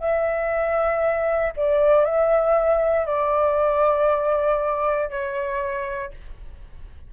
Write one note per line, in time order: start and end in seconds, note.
0.00 1.53 E5
1.57 2.05 D5
2.05 3.06 E5
3.06 5.10 D5
5.10 6.12 C#5